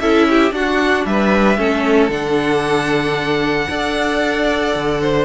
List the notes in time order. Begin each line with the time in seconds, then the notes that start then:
0.00 C#4 E4 A4 E5
0.30 G4
0.51 D4 F#4 F#5
1.06 G3 B4 E5
1.58 A3 C#4 A4
2.10 D3 D4 F#5
3.70 D4 A4 D5
4.76 D3
5.02 C5